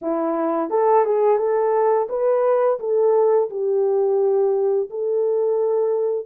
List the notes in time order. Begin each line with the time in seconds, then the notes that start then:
0.01 E4
0.70 A4
1.05 G#4
1.38 A4
2.09 B4
2.79 A4
3.50 G4
4.90 A4